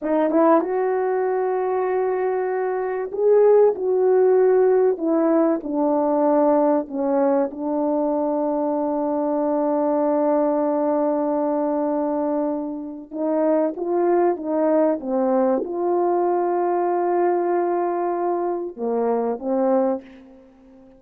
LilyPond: \new Staff \with { instrumentName = "horn" } { \time 4/4 \tempo 4 = 96 dis'8 e'8 fis'2.~ | fis'4 gis'4 fis'2 | e'4 d'2 cis'4 | d'1~ |
d'1~ | d'4 dis'4 f'4 dis'4 | c'4 f'2.~ | f'2 ais4 c'4 | }